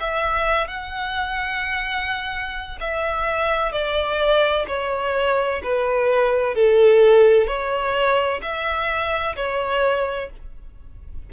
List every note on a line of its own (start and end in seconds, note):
0.00 0.68 E5
0.68 2.79 F#5
2.80 3.72 E5
3.72 4.66 D5
4.68 5.62 C#5
5.63 6.55 B4
6.55 7.47 A4
7.47 8.41 C#5
8.42 9.36 E5
9.36 10.30 C#5